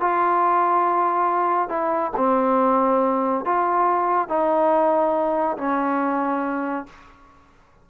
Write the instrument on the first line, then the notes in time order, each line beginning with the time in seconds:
trombone
0.00 F4
1.69 E4
2.16 C4
3.45 F4
4.28 D#4
5.57 C#4